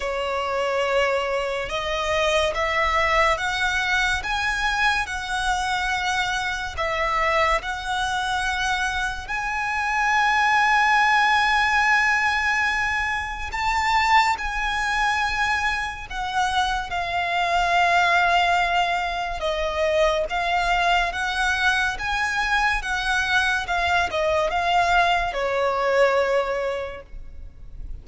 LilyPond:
\new Staff \with { instrumentName = "violin" } { \time 4/4 \tempo 4 = 71 cis''2 dis''4 e''4 | fis''4 gis''4 fis''2 | e''4 fis''2 gis''4~ | gis''1 |
a''4 gis''2 fis''4 | f''2. dis''4 | f''4 fis''4 gis''4 fis''4 | f''8 dis''8 f''4 cis''2 | }